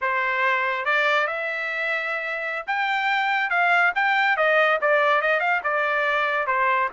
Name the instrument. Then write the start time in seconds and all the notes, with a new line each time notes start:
trumpet
0.01 C5
0.85 D5
1.27 E5
2.66 G5
3.50 F5
3.95 G5
4.36 D#5
4.81 D5
5.21 D#5
5.40 F5
5.63 D5
6.46 C5